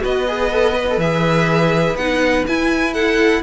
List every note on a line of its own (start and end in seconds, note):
0.00 0.97 B3
0.00 0.24 F#4
0.00 2.93 B4
0.00 1.00 D#5
0.28 0.52 G#4
0.52 0.75 A4
0.75 0.87 B4
0.90 1.01 A4
0.97 1.95 E3
0.97 1.99 G#4
0.97 1.96 E5
1.96 2.44 B3
1.96 2.48 D#4
1.96 2.45 F#5
2.47 3.42 E4
2.47 2.94 G#5
2.93 3.42 A4
2.93 3.42 F#5